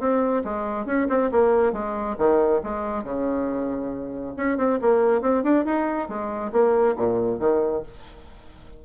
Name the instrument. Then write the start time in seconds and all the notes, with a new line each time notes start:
bassoon
0.00 C4
0.45 G#3
0.86 C#4
1.09 C4
1.32 A#3
1.73 G#3
2.18 D#3
2.64 G#3
3.04 C#3
4.37 C#4
4.58 C4
4.82 A#3
5.22 C4
5.44 D4
5.65 D#4
6.09 G#3
6.52 A#3
6.97 A#2
7.40 D#3